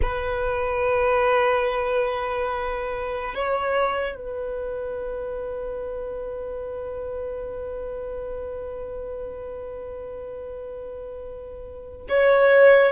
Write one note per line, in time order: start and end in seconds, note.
0.02 3.34 B4
3.34 4.15 C#5
4.15 12.07 B4
12.08 12.92 C#5